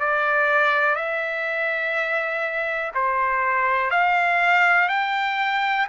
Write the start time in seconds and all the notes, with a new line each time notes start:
0.00 D5
0.96 E5
2.95 C5
3.91 F5
4.89 G5